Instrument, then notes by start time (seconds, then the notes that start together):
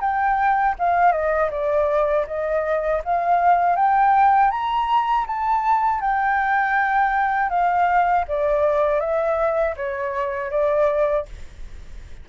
flute
0.00 G5
0.78 F5
1.12 D#5
1.51 D5
2.26 D#5
3.04 F5
3.76 G5
4.50 A#5
5.26 A5
6.00 G5
7.49 F5
8.27 D5
8.99 E5
9.76 C#5
10.50 D5